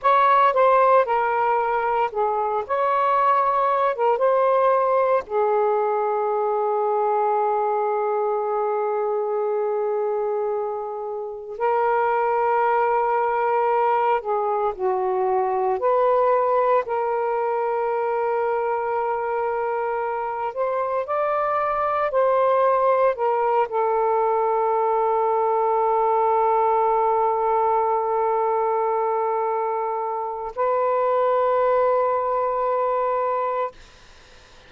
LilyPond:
\new Staff \with { instrumentName = "saxophone" } { \time 4/4 \tempo 4 = 57 cis''8 c''8 ais'4 gis'8 cis''4~ cis''16 ais'16 | c''4 gis'2.~ | gis'2. ais'4~ | ais'4. gis'8 fis'4 b'4 |
ais'2.~ ais'8 c''8 | d''4 c''4 ais'8 a'4.~ | a'1~ | a'4 b'2. | }